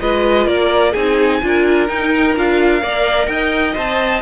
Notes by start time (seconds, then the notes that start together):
0.00 G#3 F4 B4 D#5
0.47 A#3 A#4 D5
0.92 C4 D#4 G#4 G#5
1.42 D4 F4 A#4
1.88 D#4 G5
2.36 D4 F4 F5
2.81 A#3 A#4 D5
3.26 D#4 D#5 G5
3.74 C4 C5 A5